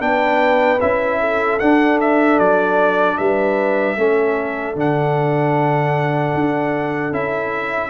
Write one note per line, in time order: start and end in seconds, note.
0.00 0.79 B3
0.00 0.79 D4
0.00 1.20 B4
0.00 0.80 G5
0.81 1.61 C#4
0.81 1.60 E4
0.81 1.60 E5
1.20 3.18 A4
1.60 3.97 D4
1.60 2.39 D4
1.60 1.99 F#5
2.01 2.39 E5
2.39 3.18 F#3
2.39 3.18 D5
3.18 3.97 G3
3.18 3.97 B4
3.18 4.76 E5
3.97 4.75 A3
3.97 4.76 C#4
3.97 7.90 A4
4.75 6.33 D3
4.75 7.13 D4
4.75 7.14 F#5
6.34 7.12 D4
7.12 7.90 C#4
7.12 7.90 E4
7.12 7.90 E5